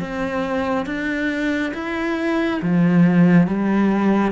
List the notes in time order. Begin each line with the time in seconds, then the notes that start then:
0.00 C4
0.86 D4
1.74 E4
2.62 F3
3.47 G3